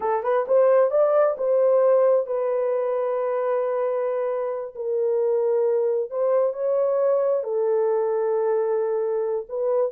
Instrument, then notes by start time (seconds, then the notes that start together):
horn
0.00 A4
0.23 B4
0.47 C5
0.90 D5
1.37 C5
2.26 B4
4.75 A#4
6.10 C5
6.53 C#5
7.43 A4
9.48 B4